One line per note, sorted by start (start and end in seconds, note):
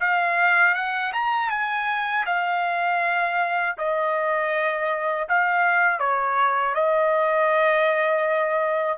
0.00 0.75 F5
0.75 1.12 F#5
1.13 1.50 A#5
1.50 2.25 G#5
2.26 3.76 F5
3.78 5.28 D#5
5.29 5.99 F5
5.99 6.74 C#5
6.74 8.98 D#5